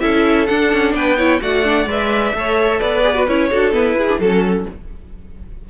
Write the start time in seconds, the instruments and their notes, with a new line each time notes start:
0.00 cello C#4, viola E4, violin A4 E5
0.46 viola D4, cello D4, violin F#5
0.73 cello C#4
0.93 cello B3, violin B4 G5
1.17 viola E4, violin C#5
1.41 cello A3, viola F#4, violin D5 F#5
1.63 viola D4
1.86 cello G#3, viola B4, violin E5
2.33 cello A3, viola A4, violin C#5
2.80 cello B3, violin B4 D5
3.03 viola G#4
3.15 viola F#4
3.27 cello C#4, viola E4, violin C#5
3.50 cello D4, viola F#4, violin A4
3.72 viola B3, cello E4, violin B4
3.95 viola E4, violin G#4
4.08 viola D4
4.19 cello F#3, viola C#4, violin A4